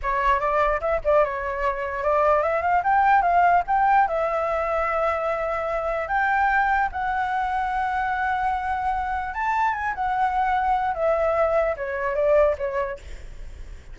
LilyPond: \new Staff \with { instrumentName = "flute" } { \time 4/4 \tempo 4 = 148 cis''4 d''4 e''8 d''8 cis''4~ | cis''4 d''4 e''8 f''8 g''4 | f''4 g''4 e''2~ | e''2. g''4~ |
g''4 fis''2.~ | fis''2. a''4 | gis''8 fis''2~ fis''8 e''4~ | e''4 cis''4 d''4 cis''4 | }